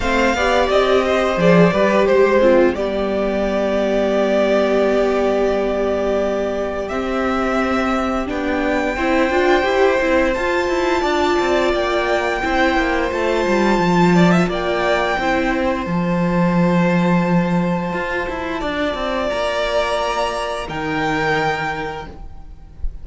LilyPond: <<
  \new Staff \with { instrumentName = "violin" } { \time 4/4 \tempo 4 = 87 f''4 dis''4 d''4 c''4 | d''1~ | d''2 e''2 | g''2. a''4~ |
a''4 g''2 a''4~ | a''4 g''2 a''4~ | a''1 | ais''2 g''2 | }
  \new Staff \with { instrumentName = "violin" } { \time 4/4 c''8 d''4 c''4 b'8 c''8 c'8 | g'1~ | g'1~ | g'4 c''2. |
d''2 c''2~ | c''8 d''16 e''16 d''4 c''2~ | c''2. d''4~ | d''2 ais'2 | }
  \new Staff \with { instrumentName = "viola" } { \time 4/4 c'8 g'4. gis'8 g'4 f'8 | b1~ | b2 c'2 | d'4 e'8 f'8 g'8 e'8 f'4~ |
f'2 e'4 f'4~ | f'2 e'4 f'4~ | f'1~ | f'2 dis'2 | }
  \new Staff \with { instrumentName = "cello" } { \time 4/4 a8 b8 c'4 f8 g8 gis4 | g1~ | g2 c'2 | b4 c'8 d'8 e'8 c'8 f'8 e'8 |
d'8 c'8 ais4 c'8 ais8 a8 g8 | f4 ais4 c'4 f4~ | f2 f'8 e'8 d'8 c'8 | ais2 dis2 | }
>>